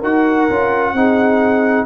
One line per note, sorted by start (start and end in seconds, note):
0.00 0.49 D#4
0.00 0.50 F#4
0.00 0.92 A#4
0.00 1.86 F#5
0.50 0.93 C#4
0.50 0.96 F4
0.93 1.86 C4
0.93 1.86 D#4
0.93 1.86 G#4